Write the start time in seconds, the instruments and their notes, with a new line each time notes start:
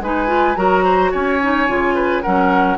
0.00 bassoon G#3, clarinet D#4, oboe B4, flute G#5
0.27 clarinet F4
0.56 bassoon F#3, clarinet F#4, oboe A#4, flute A#5
0.84 oboe C5
1.11 bassoon C#4, oboe C#5, flute G#5
1.42 clarinet D#4
1.68 bassoon C#3, clarinet F4
1.94 oboe B4
2.22 bassoon F#3, clarinet C#4, oboe A#4, flute F#5